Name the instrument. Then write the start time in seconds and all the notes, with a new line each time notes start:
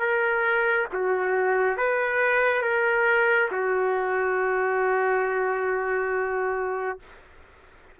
trumpet
0.00 A#4
0.93 F#4
1.77 B4
2.62 A#4
3.51 F#4